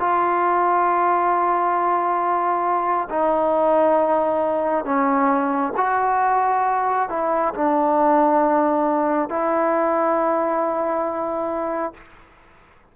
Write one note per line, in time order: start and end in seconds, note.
0.00 3.09 F4
3.10 4.85 D#4
4.85 5.74 C#4
5.77 7.09 F#4
7.10 7.54 E4
7.55 9.30 D4
9.30 11.94 E4